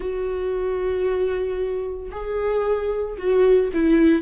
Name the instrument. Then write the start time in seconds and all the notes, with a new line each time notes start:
viola
0.00 F#4
2.11 G#4
3.17 F#4
3.73 E4